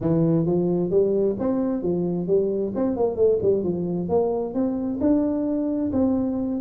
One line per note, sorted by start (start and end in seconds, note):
0.00 0.46 E3
0.46 0.90 F3
0.90 1.36 G3
1.39 1.82 C4
1.82 2.27 F3
2.27 2.73 G3
2.75 2.96 C4
2.96 3.15 A#3
3.15 3.38 A3
3.42 3.63 G3
3.63 4.08 F3
4.08 4.54 A#3
4.54 4.99 C4
5.00 5.91 D4
5.92 6.60 C4